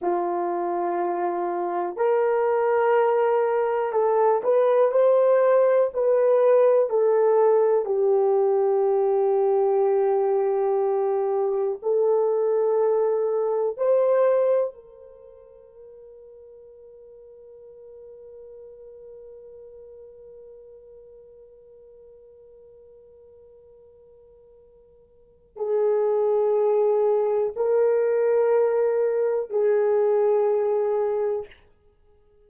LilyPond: \new Staff \with { instrumentName = "horn" } { \time 4/4 \tempo 4 = 61 f'2 ais'2 | a'8 b'8 c''4 b'4 a'4 | g'1 | a'2 c''4 ais'4~ |
ais'1~ | ais'1~ | ais'2 gis'2 | ais'2 gis'2 | }